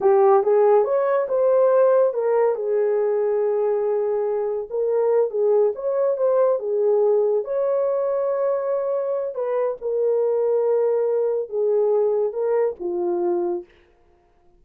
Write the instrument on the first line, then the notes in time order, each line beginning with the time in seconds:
horn
0.00 G4
0.43 G#4
0.84 C#5
1.28 C5
2.13 A#4
2.55 G#4
4.70 A#4
5.30 G#4
5.75 C#5
6.17 C5
6.59 G#4
7.44 C#5
9.34 B4
9.81 A#4
11.49 G#4
12.32 A#4
12.79 F4